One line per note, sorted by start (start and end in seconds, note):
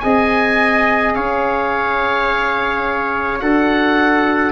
0.00 1.16 C4
0.00 3.39 G#4
0.00 1.16 D#5
0.00 1.13 G#5
1.14 3.41 C#4
1.14 3.42 C#5
1.14 3.40 F5
3.39 4.52 D4
3.39 4.52 F#4
3.39 4.52 A4
3.39 4.52 F#5